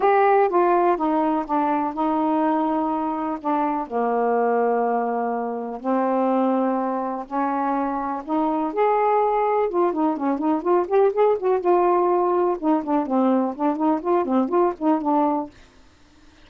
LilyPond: \new Staff \with { instrumentName = "saxophone" } { \time 4/4 \tempo 4 = 124 g'4 f'4 dis'4 d'4 | dis'2. d'4 | ais1 | c'2. cis'4~ |
cis'4 dis'4 gis'2 | f'8 dis'8 cis'8 dis'8 f'8 g'8 gis'8 fis'8 | f'2 dis'8 d'8 c'4 | d'8 dis'8 f'8 c'8 f'8 dis'8 d'4 | }